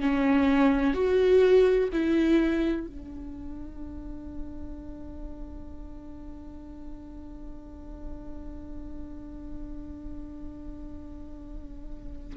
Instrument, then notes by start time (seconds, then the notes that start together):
viola
0.00 C#4
0.94 F#4
1.92 E4
2.87 D4